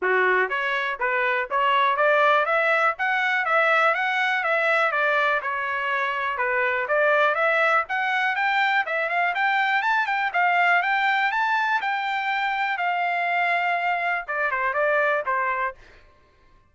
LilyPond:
\new Staff \with { instrumentName = "trumpet" } { \time 4/4 \tempo 4 = 122 fis'4 cis''4 b'4 cis''4 | d''4 e''4 fis''4 e''4 | fis''4 e''4 d''4 cis''4~ | cis''4 b'4 d''4 e''4 |
fis''4 g''4 e''8 f''8 g''4 | a''8 g''8 f''4 g''4 a''4 | g''2 f''2~ | f''4 d''8 c''8 d''4 c''4 | }